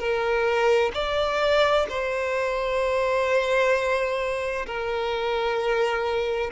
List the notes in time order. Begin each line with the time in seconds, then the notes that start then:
0.00 A#4
0.94 D5
1.90 C5
4.67 A#4